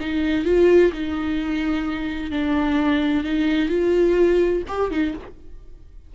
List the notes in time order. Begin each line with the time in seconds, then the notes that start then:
0.00 D#4
0.45 F4
0.92 D#4
2.31 D4
3.24 D#4
3.69 F4
4.68 G4
4.91 D#4